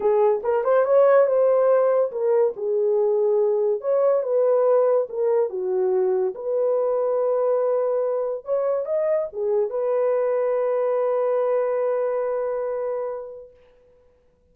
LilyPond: \new Staff \with { instrumentName = "horn" } { \time 4/4 \tempo 4 = 142 gis'4 ais'8 c''8 cis''4 c''4~ | c''4 ais'4 gis'2~ | gis'4 cis''4 b'2 | ais'4 fis'2 b'4~ |
b'1 | cis''4 dis''4 gis'4 b'4~ | b'1~ | b'1 | }